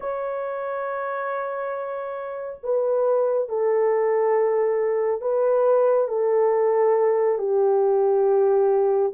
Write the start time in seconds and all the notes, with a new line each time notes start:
0.00 C#5
2.63 B4
3.48 A4
5.21 B4
6.08 A4
7.38 G4